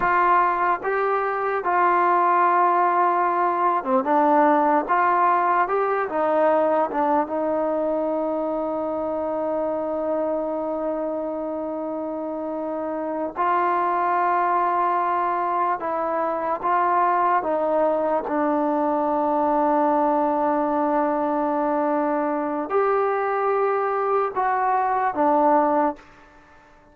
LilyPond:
\new Staff \with { instrumentName = "trombone" } { \time 4/4 \tempo 4 = 74 f'4 g'4 f'2~ | f'8. c'16 d'4 f'4 g'8 dis'8~ | dis'8 d'8 dis'2.~ | dis'1~ |
dis'8 f'2. e'8~ | e'8 f'4 dis'4 d'4.~ | d'1 | g'2 fis'4 d'4 | }